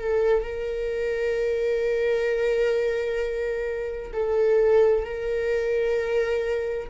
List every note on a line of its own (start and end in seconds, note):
0.00 0.43 A4
0.43 4.12 A#4
4.13 5.05 A4
5.05 6.89 A#4